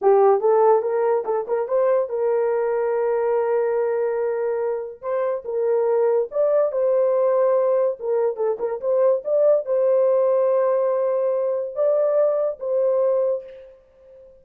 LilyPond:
\new Staff \with { instrumentName = "horn" } { \time 4/4 \tempo 4 = 143 g'4 a'4 ais'4 a'8 ais'8 | c''4 ais'2.~ | ais'1 | c''4 ais'2 d''4 |
c''2. ais'4 | a'8 ais'8 c''4 d''4 c''4~ | c''1 | d''2 c''2 | }